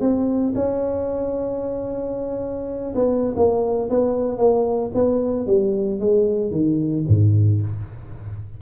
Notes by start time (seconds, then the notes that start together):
0.00 C4
0.55 C#4
2.94 B3
3.36 A#3
3.90 B3
4.37 A#3
4.94 B3
5.46 G3
6.00 G#3
6.50 D#3
7.08 G#2